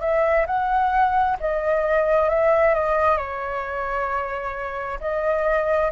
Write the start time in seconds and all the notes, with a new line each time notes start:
0.00 E5
0.46 F#5
1.40 D#5
2.29 E5
2.74 D#5
3.17 C#5
5.00 D#5